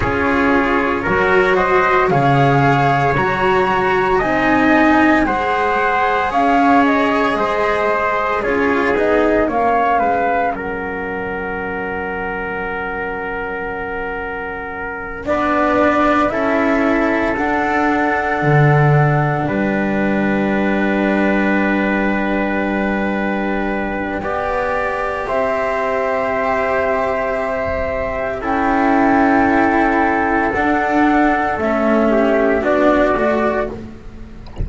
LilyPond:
<<
  \new Staff \with { instrumentName = "flute" } { \time 4/4 \tempo 4 = 57 cis''4. dis''8 f''4 ais''4 | gis''4 fis''4 f''8 dis''4. | cis''8 dis''8 f''4 fis''2~ | fis''2~ fis''8 d''4 e''8~ |
e''8 fis''2 g''4.~ | g''1 | e''2. g''4~ | g''4 fis''4 e''4 d''4 | }
  \new Staff \with { instrumentName = "trumpet" } { \time 4/4 gis'4 ais'8 c''8 cis''2 | dis''4 c''4 cis''4 c''4 | gis'4 cis''8 b'8 ais'2~ | ais'2~ ais'8 b'4 a'8~ |
a'2~ a'8 b'4.~ | b'2. d''4 | c''2. a'4~ | a'2~ a'8 g'8 fis'4 | }
  \new Staff \with { instrumentName = "cello" } { \time 4/4 f'4 fis'4 gis'4 fis'4 | dis'4 gis'2. | f'8 dis'8 cis'2.~ | cis'2~ cis'8 d'4 e'8~ |
e'8 d'2.~ d'8~ | d'2. g'4~ | g'2. e'4~ | e'4 d'4 cis'4 d'8 fis'8 | }
  \new Staff \with { instrumentName = "double bass" } { \time 4/4 cis'4 fis4 cis4 fis4 | c'4 gis4 cis'4 gis4 | cis'8 b8 ais8 gis8 fis2~ | fis2~ fis8 b4 cis'8~ |
cis'8 d'4 d4 g4.~ | g2. b4 | c'2. cis'4~ | cis'4 d'4 a4 b8 a8 | }
>>